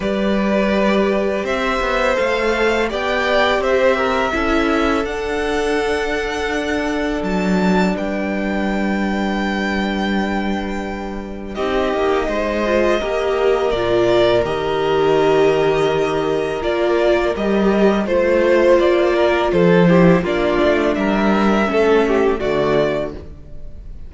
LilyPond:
<<
  \new Staff \with { instrumentName = "violin" } { \time 4/4 \tempo 4 = 83 d''2 e''4 f''4 | g''4 e''2 fis''4~ | fis''2 a''4 g''4~ | g''1 |
dis''2. d''4 | dis''2. d''4 | dis''4 c''4 d''4 c''4 | d''4 e''2 d''4 | }
  \new Staff \with { instrumentName = "violin" } { \time 4/4 b'2 c''2 | d''4 c''8 ais'8 a'2~ | a'2. b'4~ | b'1 |
g'4 c''4 ais'2~ | ais'1~ | ais'4 c''4. ais'8 a'8 g'8 | f'4 ais'4 a'8 g'8 fis'4 | }
  \new Staff \with { instrumentName = "viola" } { \time 4/4 g'2. a'4 | g'2 e'4 d'4~ | d'1~ | d'1 |
dis'4. f'8 g'4 f'4 | g'2. f'4 | g'4 f'2~ f'8 e'8 | d'2 cis'4 a4 | }
  \new Staff \with { instrumentName = "cello" } { \time 4/4 g2 c'8 b8 a4 | b4 c'4 cis'4 d'4~ | d'2 fis4 g4~ | g1 |
c'8 ais8 gis4 ais4 ais,4 | dis2. ais4 | g4 a4 ais4 f4 | ais8 a8 g4 a4 d4 | }
>>